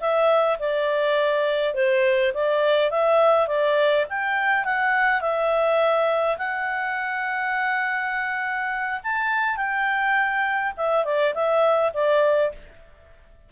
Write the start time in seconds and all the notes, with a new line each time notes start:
0.00 E5
0.59 D5
1.74 C5
2.34 D5
2.90 E5
3.47 D5
4.09 G5
4.64 F#5
5.21 E5
6.38 F#5
9.03 A5
9.56 G5
10.77 E5
11.05 D5
11.34 E5
11.93 D5